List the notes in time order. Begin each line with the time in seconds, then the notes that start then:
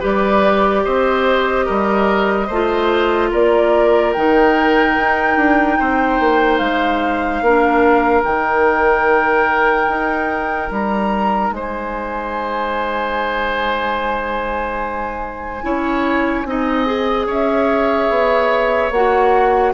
0.00 G3 G4 B4 D5
0.84 C4 C5 D#5
1.66 G3 A#4
2.47 A3 F4 C5
3.32 A#3 A#4 D5
4.13 D#3 D#4 G5
4.97 D#4
5.37 D4
5.80 C4 C5
6.20 A#3
6.58 G#3 F5
7.42 A#3 D4 A#4
8.24 D#3 D#4 G5
9.88 D#4
10.71 G3 A#5
11.51 G#3 C5 G#5
15.62 C#4 E4 C#5
16.45 C4 D#4 D#5
16.86 G#4
17.27 C#4 C#5 E5
18.09 B3
18.91 A#3 F#4 F#5